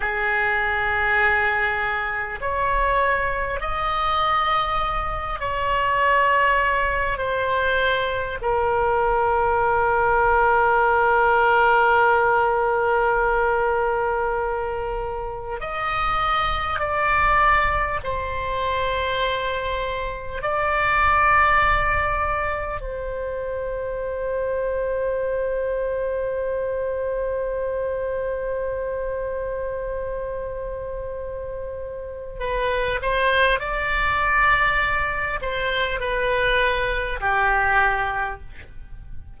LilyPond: \new Staff \with { instrumentName = "oboe" } { \time 4/4 \tempo 4 = 50 gis'2 cis''4 dis''4~ | dis''8 cis''4. c''4 ais'4~ | ais'1~ | ais'4 dis''4 d''4 c''4~ |
c''4 d''2 c''4~ | c''1~ | c''2. b'8 c''8 | d''4. c''8 b'4 g'4 | }